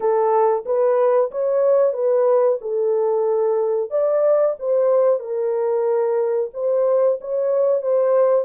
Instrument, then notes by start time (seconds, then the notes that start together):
horn
0.00 A4
0.65 B4
1.31 C#5
1.93 B4
2.61 A4
3.90 D5
4.59 C5
5.19 A#4
6.53 C5
7.20 C#5
7.81 C5